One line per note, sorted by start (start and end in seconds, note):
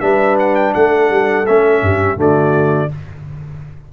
0.00 0.74 G3
0.00 1.45 D4
0.00 0.74 B4
0.00 0.36 E5
0.39 0.55 F#5
0.55 0.73 G5
0.74 1.10 A3
0.74 1.82 A4
0.74 1.46 F#5
1.10 1.46 G3
1.46 1.82 A3
1.46 2.16 C#4
1.46 2.18 E5
1.82 2.16 G2
1.82 2.17 G4
2.16 2.89 D3
2.16 2.89 A3
2.16 2.89 F#4
2.16 2.93 D5